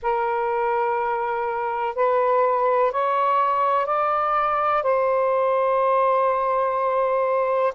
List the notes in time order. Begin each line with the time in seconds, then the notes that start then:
0.02 A#4
1.95 B4
2.91 C#5
3.85 D5
4.83 C5